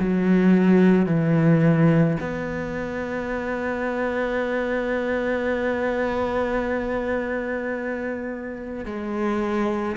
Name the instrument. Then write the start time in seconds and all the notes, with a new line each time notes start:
cello
0.00 F#3
1.06 E3
2.20 B3
8.85 G#3